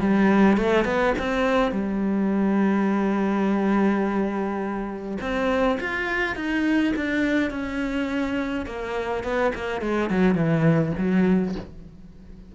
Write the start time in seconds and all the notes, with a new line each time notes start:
0.00 G3
0.57 A3
0.85 B3
1.19 C4
1.72 G3
5.21 C4
5.80 F4
6.35 D#4
6.96 D4
7.51 C#4
8.66 A#3
9.24 B3
9.55 A#3
9.81 G#3
10.10 F#3
10.35 E3
10.98 F#3